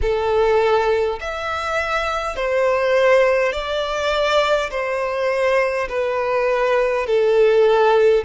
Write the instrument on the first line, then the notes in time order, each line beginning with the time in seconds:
violin
0.01 A4
1.20 E5
2.35 C5
3.52 D5
4.70 C5
5.88 B4
7.06 A4